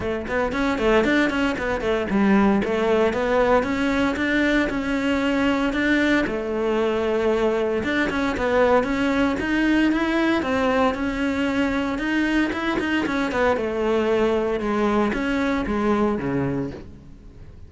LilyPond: \new Staff \with { instrumentName = "cello" } { \time 4/4 \tempo 4 = 115 a8 b8 cis'8 a8 d'8 cis'8 b8 a8 | g4 a4 b4 cis'4 | d'4 cis'2 d'4 | a2. d'8 cis'8 |
b4 cis'4 dis'4 e'4 | c'4 cis'2 dis'4 | e'8 dis'8 cis'8 b8 a2 | gis4 cis'4 gis4 cis4 | }